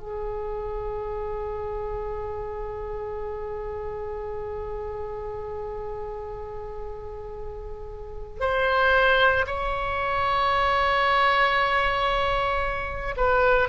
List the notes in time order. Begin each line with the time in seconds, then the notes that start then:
0.00 G#4
8.40 C5
9.47 C#5
13.17 B4